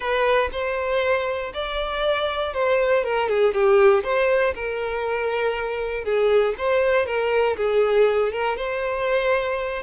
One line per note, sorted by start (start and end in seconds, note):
0.00 0.49 B4
0.52 1.52 C5
1.53 2.53 D5
2.53 3.03 C5
3.04 3.28 A#4
3.28 3.54 G#4
3.54 4.03 G4
4.03 4.54 C5
4.54 6.04 A#4
6.04 6.55 G#4
6.58 7.06 C5
7.06 7.56 A#4
7.56 8.32 G#4
8.32 8.56 A#4
8.56 9.82 C5